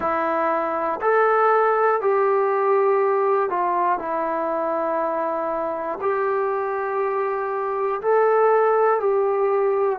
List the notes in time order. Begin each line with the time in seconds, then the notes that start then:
0.00 E4
1.01 A4
2.01 G4
3.50 F4
3.98 E4
6.00 G4
8.01 A4
9.00 G4